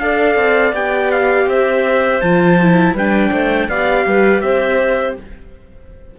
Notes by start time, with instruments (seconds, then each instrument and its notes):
0.00 cello D4, viola A4, clarinet D5, trumpet F5
0.36 cello C4
0.73 cello B3, viola G4, trumpet G5
1.12 trumpet F5
1.47 cello C4, clarinet C5, trumpet E5
2.21 cello F3, viola F4, trumpet A5
2.62 viola E4
2.93 cello G3, viola D4, clarinet B4, trumpet G5
3.32 cello A3, clarinet C5
3.69 cello B3, viola G4, clarinet D5, trumpet F5
4.07 cello G3, clarinet B4
4.41 cello C4, clarinet C5, trumpet E5